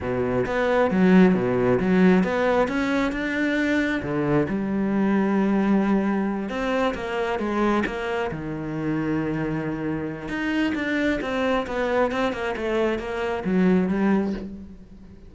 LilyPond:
\new Staff \with { instrumentName = "cello" } { \time 4/4 \tempo 4 = 134 b,4 b4 fis4 b,4 | fis4 b4 cis'4 d'4~ | d'4 d4 g2~ | g2~ g8 c'4 ais8~ |
ais8 gis4 ais4 dis4.~ | dis2. dis'4 | d'4 c'4 b4 c'8 ais8 | a4 ais4 fis4 g4 | }